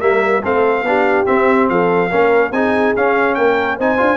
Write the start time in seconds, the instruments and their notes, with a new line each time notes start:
0.00 tuba G3, trombone A#3, horn A#4, trumpet E5
0.42 tuba A3, trombone C4, horn A4, trumpet F5
0.83 tuba B3, trombone D4, horn G4
1.26 trombone C4, tuba C4, trumpet E5
1.70 tuba F3, horn A4, trumpet F5
2.10 tuba A#3, trombone C#4, horn A#4
2.52 tuba C4, trombone D#4, horn G#4, trumpet G#5
2.96 trombone C#4, tuba C#4, trumpet F5
3.35 tuba A#3, horn A#4, trumpet G5
3.78 tuba C4, trombone D#4, horn C5, trumpet G#5
3.98 tuba D4, trombone F4